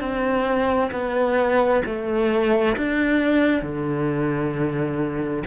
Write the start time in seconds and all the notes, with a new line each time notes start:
0.00 C4
0.92 B3
1.86 A3
2.77 D4
3.62 D3